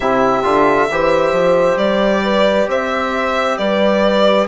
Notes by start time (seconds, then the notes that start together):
0.00 C3 E4 G4 E5
0.43 D3 F4
0.90 E3 G4 C5
1.32 F3
1.76 G3 D5
2.23 B4
2.68 C4 C5 E5
3.57 G3 B4 D5